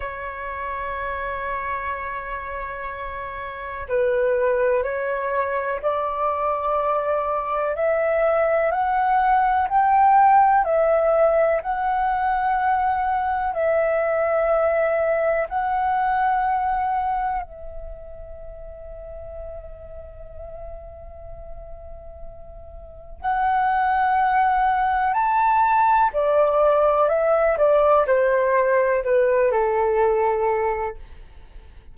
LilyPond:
\new Staff \with { instrumentName = "flute" } { \time 4/4 \tempo 4 = 62 cis''1 | b'4 cis''4 d''2 | e''4 fis''4 g''4 e''4 | fis''2 e''2 |
fis''2 e''2~ | e''1 | fis''2 a''4 d''4 | e''8 d''8 c''4 b'8 a'4. | }